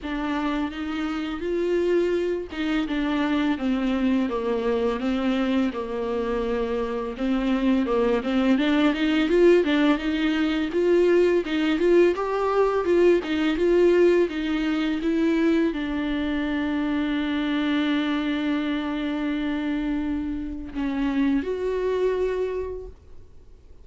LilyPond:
\new Staff \with { instrumentName = "viola" } { \time 4/4 \tempo 4 = 84 d'4 dis'4 f'4. dis'8 | d'4 c'4 ais4 c'4 | ais2 c'4 ais8 c'8 | d'8 dis'8 f'8 d'8 dis'4 f'4 |
dis'8 f'8 g'4 f'8 dis'8 f'4 | dis'4 e'4 d'2~ | d'1~ | d'4 cis'4 fis'2 | }